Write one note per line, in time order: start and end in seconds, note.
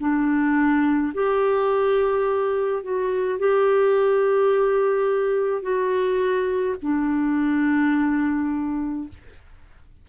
0.00 1.13 D4
1.14 2.83 G4
2.83 3.39 F#4
3.39 5.62 G4
5.62 6.76 F#4
6.82 9.09 D4